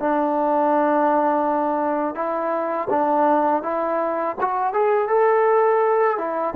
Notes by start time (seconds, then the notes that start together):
0.00 D4
2.16 E4
2.90 D4
3.63 E4
4.41 F#4
4.74 G#4
5.09 A4
6.18 E4